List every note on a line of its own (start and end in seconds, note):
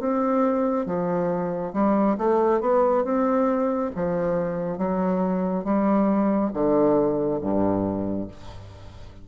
0.00 0.86 C4
0.86 1.73 F3
1.73 2.17 G3
2.18 2.61 A3
2.61 3.04 B3
3.04 3.91 C4
3.95 4.78 F3
4.78 5.64 F#3
5.64 6.51 G3
6.53 7.40 D3
7.41 8.28 G2